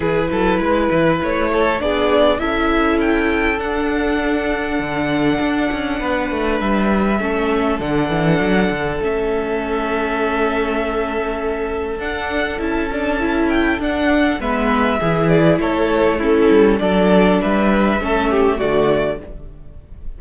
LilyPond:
<<
  \new Staff \with { instrumentName = "violin" } { \time 4/4 \tempo 4 = 100 b'2 cis''4 d''4 | e''4 g''4 fis''2~ | fis''2. e''4~ | e''4 fis''2 e''4~ |
e''1 | fis''4 a''4. g''8 fis''4 | e''4. d''8 cis''4 a'4 | d''4 e''2 d''4 | }
  \new Staff \with { instrumentName = "violin" } { \time 4/4 gis'8 a'8 b'4. a'8 gis'4 | a'1~ | a'2 b'2 | a'1~ |
a'1~ | a'1 | b'4 gis'4 a'4 e'4 | a'4 b'4 a'8 g'8 fis'4 | }
  \new Staff \with { instrumentName = "viola" } { \time 4/4 e'2. d'4 | e'2 d'2~ | d'1 | cis'4 d'2 cis'4~ |
cis'1 | d'4 e'8 d'8 e'4 d'4 | b4 e'2 cis'4 | d'2 cis'4 a4 | }
  \new Staff \with { instrumentName = "cello" } { \time 4/4 e8 fis8 gis8 e8 a4 b4 | cis'2 d'2 | d4 d'8 cis'8 b8 a8 g4 | a4 d8 e8 fis8 d8 a4~ |
a1 | d'4 cis'2 d'4 | gis4 e4 a4. g8 | fis4 g4 a4 d4 | }
>>